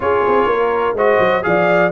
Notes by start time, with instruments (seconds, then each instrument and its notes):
0.00 tuba C#4, trombone F4, horn G#4, trumpet C#5
0.27 tuba C4
0.45 tuba A#3, horn A#4
0.93 tuba G#3, trombone F#4, horn C5, trumpet D#5
1.19 tuba F#3
1.42 tuba F3, trombone G#4, horn D5, trumpet F5